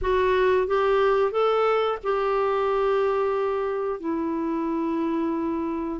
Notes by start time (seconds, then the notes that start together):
0.02 F#4
0.67 G4
1.31 A4
2.03 G4
4.00 E4